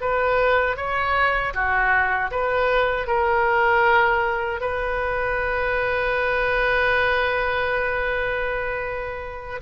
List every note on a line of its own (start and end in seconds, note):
0.00 0.76 B4
0.76 1.53 C#5
1.53 2.30 F#4
2.30 3.07 B4
3.07 4.60 A#4
4.60 9.60 B4